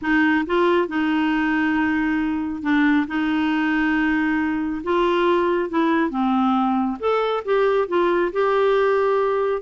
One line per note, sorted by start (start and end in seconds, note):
0.01 0.45 D#4
0.46 0.88 F4
0.88 2.62 D#4
2.62 3.06 D4
3.07 4.82 D#4
4.83 5.69 F4
5.69 6.10 E4
6.10 6.97 C4
6.99 7.43 A4
7.44 7.87 G4
7.87 8.31 F4
8.32 9.62 G4